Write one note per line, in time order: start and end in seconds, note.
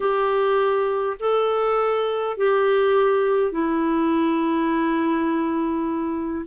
0.00 1.17 G4
1.19 2.37 A4
2.37 3.51 G4
3.51 6.45 E4